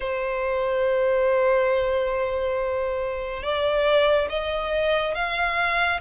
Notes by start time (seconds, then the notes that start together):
0.00 C5
3.42 D5
4.29 D#5
5.14 F5